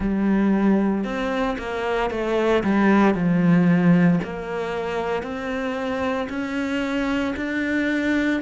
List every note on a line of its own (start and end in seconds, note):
0.00 1.04 G3
1.04 1.56 C4
1.58 2.10 A#3
2.10 2.63 A3
2.63 3.14 G3
3.14 4.19 F3
4.23 5.22 A#3
5.22 6.28 C4
6.29 7.34 C#4
7.36 8.42 D4